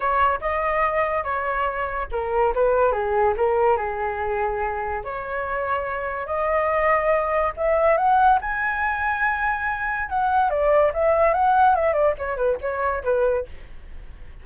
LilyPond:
\new Staff \with { instrumentName = "flute" } { \time 4/4 \tempo 4 = 143 cis''4 dis''2 cis''4~ | cis''4 ais'4 b'4 gis'4 | ais'4 gis'2. | cis''2. dis''4~ |
dis''2 e''4 fis''4 | gis''1 | fis''4 d''4 e''4 fis''4 | e''8 d''8 cis''8 b'8 cis''4 b'4 | }